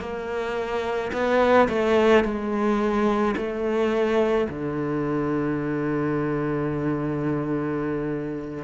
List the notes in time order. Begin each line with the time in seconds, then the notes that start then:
0.00 A#3
1.13 B3
1.69 A3
2.24 G#3
3.36 A3
4.49 D3